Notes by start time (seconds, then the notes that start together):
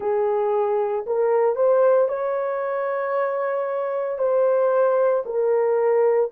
0.00 G#4
1.06 A#4
1.55 C5
2.08 C#5
4.18 C5
5.25 A#4